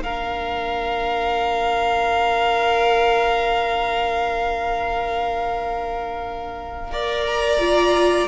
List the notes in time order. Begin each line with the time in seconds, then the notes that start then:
0.00 A#3 D4 A#4 F5
6.92 A#4 D5
7.26 A#5
7.60 F4